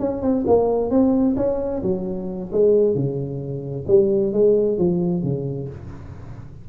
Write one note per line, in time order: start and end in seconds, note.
0.00 0.22 C#4
0.22 0.45 C4
0.47 0.91 A#3
0.91 1.36 C4
1.37 1.82 C#4
1.83 2.51 F#3
2.52 2.95 G#3
2.95 3.86 C#3
3.88 4.33 G3
4.33 4.79 G#3
4.79 5.24 F3
5.24 5.69 C#3